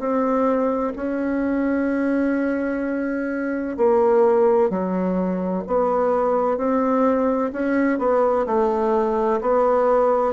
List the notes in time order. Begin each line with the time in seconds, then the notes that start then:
0.00 C4
0.96 C#4
3.78 A#3
4.70 F#3
5.68 B3
6.58 C4
7.53 C#4
7.99 B3
8.47 A3
9.41 B3